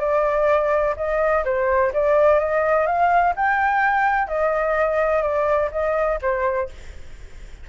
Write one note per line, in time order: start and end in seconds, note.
0.00 0.95 D5
0.97 1.44 D#5
1.45 1.93 C5
1.94 2.39 D5
2.39 2.87 D#5
2.87 3.35 F5
3.37 4.28 G5
4.28 5.23 D#5
5.23 5.70 D5
5.72 6.20 D#5
6.22 6.70 C5